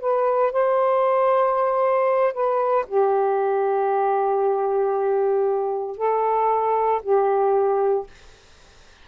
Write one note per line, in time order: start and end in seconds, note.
0.00 0.52 B4
0.52 2.33 C5
2.33 2.85 B4
2.88 5.97 G4
5.97 7.01 A4
7.02 8.07 G4